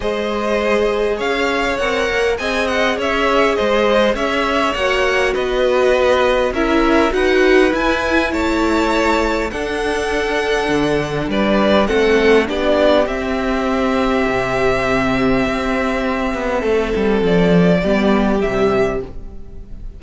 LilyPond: <<
  \new Staff \with { instrumentName = "violin" } { \time 4/4 \tempo 4 = 101 dis''2 f''4 fis''4 | gis''8 fis''8 e''4 dis''4 e''4 | fis''4 dis''2 e''4 | fis''4 gis''4 a''2 |
fis''2. d''4 | fis''4 d''4 e''2~ | e''1~ | e''4 d''2 e''4 | }
  \new Staff \with { instrumentName = "violin" } { \time 4/4 c''2 cis''2 | dis''4 cis''4 c''4 cis''4~ | cis''4 b'2 ais'4 | b'2 cis''2 |
a'2. b'4 | a'4 g'2.~ | g'1 | a'2 g'2 | }
  \new Staff \with { instrumentName = "viola" } { \time 4/4 gis'2. ais'4 | gis'1 | fis'2. e'4 | fis'4 e'2. |
d'1 | c'4 d'4 c'2~ | c'1~ | c'2 b4 g4 | }
  \new Staff \with { instrumentName = "cello" } { \time 4/4 gis2 cis'4 c'8 ais8 | c'4 cis'4 gis4 cis'4 | ais4 b2 cis'4 | dis'4 e'4 a2 |
d'2 d4 g4 | a4 b4 c'2 | c2 c'4. b8 | a8 g8 f4 g4 c4 | }
>>